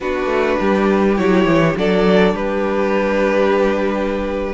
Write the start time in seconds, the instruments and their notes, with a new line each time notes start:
0.00 cello B3, viola D4, violin F#4 B4
0.26 cello A3
0.60 cello G3, violin G4
1.16 cello F#3, viola E4, violin C#5
1.45 cello E3
1.76 cello F#3, viola D4, violin A4 D5
2.32 cello G3, violin G4 B4